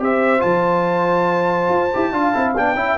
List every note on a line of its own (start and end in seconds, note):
0.00 0.43 C4
0.00 0.40 G4
0.00 2.13 C5
0.00 0.42 E5
0.40 1.69 F3
0.40 1.88 F4
0.40 2.54 A5
1.69 1.91 F4
1.94 2.13 E4
1.94 2.14 G4
2.13 2.34 D4
2.13 2.34 F4
2.13 2.77 F5
2.34 2.57 C4
2.34 2.55 E4
2.57 2.75 B3
2.57 2.76 D4
2.57 2.99 G5
2.75 2.96 C#4
2.75 2.97 E4
2.75 2.99 E5